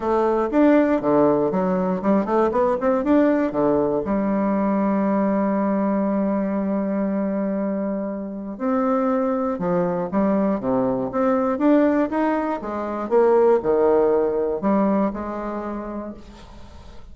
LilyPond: \new Staff \with { instrumentName = "bassoon" } { \time 4/4 \tempo 4 = 119 a4 d'4 d4 fis4 | g8 a8 b8 c'8 d'4 d4 | g1~ | g1~ |
g4 c'2 f4 | g4 c4 c'4 d'4 | dis'4 gis4 ais4 dis4~ | dis4 g4 gis2 | }